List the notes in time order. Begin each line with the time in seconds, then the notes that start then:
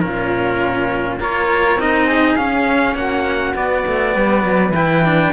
0.00 A#2 C#4 F4 A#4
1.19 A#3 F4 A#4 C#5
1.76 C4 D#4 D#5
2.07 G#4
2.36 C#4 F5
2.95 A#3 F#4 F#5
3.55 B3 D5
3.87 A3
4.14 G3 B4
4.44 F#3
4.70 E3 E4 G5
5.05 D4